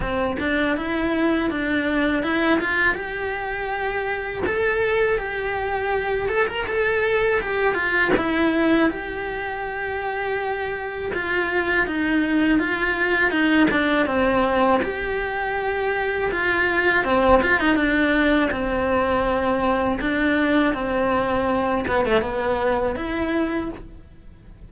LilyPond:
\new Staff \with { instrumentName = "cello" } { \time 4/4 \tempo 4 = 81 c'8 d'8 e'4 d'4 e'8 f'8 | g'2 a'4 g'4~ | g'8 a'16 ais'16 a'4 g'8 f'8 e'4 | g'2. f'4 |
dis'4 f'4 dis'8 d'8 c'4 | g'2 f'4 c'8 f'16 dis'16 | d'4 c'2 d'4 | c'4. b16 a16 b4 e'4 | }